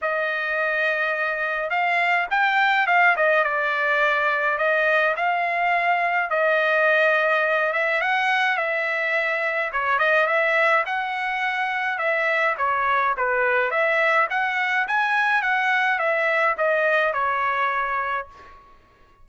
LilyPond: \new Staff \with { instrumentName = "trumpet" } { \time 4/4 \tempo 4 = 105 dis''2. f''4 | g''4 f''8 dis''8 d''2 | dis''4 f''2 dis''4~ | dis''4. e''8 fis''4 e''4~ |
e''4 cis''8 dis''8 e''4 fis''4~ | fis''4 e''4 cis''4 b'4 | e''4 fis''4 gis''4 fis''4 | e''4 dis''4 cis''2 | }